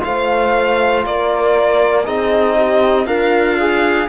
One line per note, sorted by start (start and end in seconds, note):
0.00 1.05 A3
0.00 2.03 F4
0.00 1.06 C5
0.00 1.05 F5
1.05 2.07 A#3
1.05 2.04 A#4
1.05 2.06 D5
2.04 3.06 C4
2.04 3.06 D#4
2.04 2.55 G#4
2.04 3.07 D#5
2.57 3.06 G4
3.06 4.08 D4
3.06 4.07 F4
3.06 3.57 A#4
3.06 4.08 F5
3.59 4.09 G#4